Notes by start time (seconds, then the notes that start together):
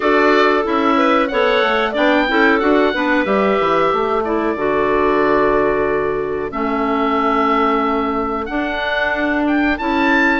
0.00 D4 F#4 A4 D5
0.63 C#4 E4 E5
0.97 B4
1.27 B3 A4 C#5 F#5
1.62 A3
1.91 B3 D4 D5 G5
2.27 C#4 E4 A4
2.59 D4 F#4 F#5
2.93 B3 D4 B4
3.25 G3 G4 E5
3.60 E3
3.89 A3 A4
4.24 E4 D5
4.55 D3 F#4
6.50 A3 C#4 E5
8.45 D4 F#5
9.47 G5
9.77 C#4 E4 A5